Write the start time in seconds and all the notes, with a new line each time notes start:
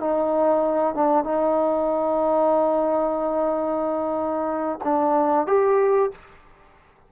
0.00 D#4
0.95 D4
1.24 D#4
4.84 D4
5.47 G4